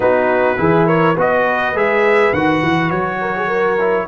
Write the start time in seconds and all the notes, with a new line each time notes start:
0.00 B3 D#4 F#4 B4
0.57 E3 E4 G#4
0.86 A#4 C#5
1.14 B3 F#4 B4 D#5
1.73 G#3 G#4 E5
2.32 D#3 F#4 F#5
2.62 E3
2.90 F#3 C#5
3.21 A#4
3.36 G#4
3.47 A#4
3.78 E4